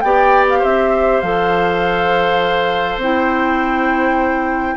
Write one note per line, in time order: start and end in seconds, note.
0.00 0.62 B3
0.00 1.23 G4
0.00 0.59 D5
0.00 0.45 G5
0.49 0.63 F5
0.59 1.22 C4
0.59 4.75 C5
0.59 1.20 E5
1.20 2.97 F3
1.20 3.01 A4
1.20 2.98 F5
2.97 4.75 C4
2.97 4.77 E4
2.97 4.77 G5